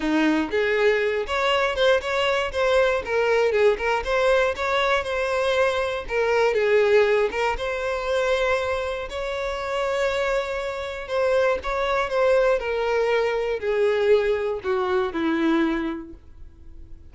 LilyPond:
\new Staff \with { instrumentName = "violin" } { \time 4/4 \tempo 4 = 119 dis'4 gis'4. cis''4 c''8 | cis''4 c''4 ais'4 gis'8 ais'8 | c''4 cis''4 c''2 | ais'4 gis'4. ais'8 c''4~ |
c''2 cis''2~ | cis''2 c''4 cis''4 | c''4 ais'2 gis'4~ | gis'4 fis'4 e'2 | }